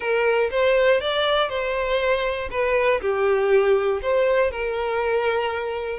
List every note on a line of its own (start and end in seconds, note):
0.00 0.50 A#4
0.50 1.00 C5
1.00 1.49 D5
1.49 2.49 C5
2.50 3.00 B4
3.01 4.01 G4
4.02 4.51 C5
4.51 5.99 A#4